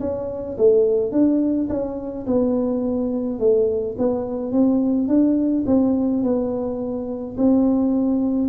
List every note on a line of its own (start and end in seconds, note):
0.00 0.57 C#4
0.57 1.11 A3
1.11 1.68 D4
1.69 2.25 C#4
2.26 3.39 B3
3.39 3.96 A3
3.97 4.51 B3
4.51 5.07 C4
5.07 5.64 D4
5.66 6.23 C4
6.23 7.36 B3
7.37 8.48 C4